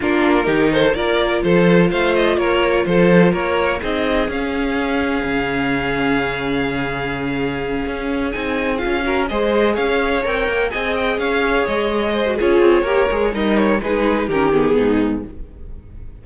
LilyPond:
<<
  \new Staff \with { instrumentName = "violin" } { \time 4/4 \tempo 4 = 126 ais'4. c''8 d''4 c''4 | f''8 dis''8 cis''4 c''4 cis''4 | dis''4 f''2.~ | f''1~ |
f''4. gis''4 f''4 dis''8~ | dis''8 f''4 g''4 gis''8 g''8 f''8~ | f''8 dis''4. cis''2 | dis''8 cis''8 b'4 ais'8 gis'4. | }
  \new Staff \with { instrumentName = "violin" } { \time 4/4 f'4 g'8 a'8 ais'4 a'4 | c''4 ais'4 a'4 ais'4 | gis'1~ | gis'1~ |
gis'2. ais'8 c''8~ | c''8 cis''2 dis''4 cis''8~ | cis''4. c''8 gis'4 ais'4 | dis'4 gis'4 g'4 dis'4 | }
  \new Staff \with { instrumentName = "viola" } { \time 4/4 d'4 dis'4 f'2~ | f'1 | dis'4 cis'2.~ | cis'1~ |
cis'4. dis'4 f'8 fis'8 gis'8~ | gis'4. ais'4 gis'4.~ | gis'4.~ gis'16 fis'16 f'4 g'8 gis'8 | ais'4 dis'4 cis'8 b4. | }
  \new Staff \with { instrumentName = "cello" } { \time 4/4 ais4 dis4 ais4 f4 | a4 ais4 f4 ais4 | c'4 cis'2 cis4~ | cis1~ |
cis8 cis'4 c'4 cis'4 gis8~ | gis8 cis'4 c'8 ais8 c'4 cis'8~ | cis'8 gis4. cis'8 c'8 ais8 gis8 | g4 gis4 dis4 gis,4 | }
>>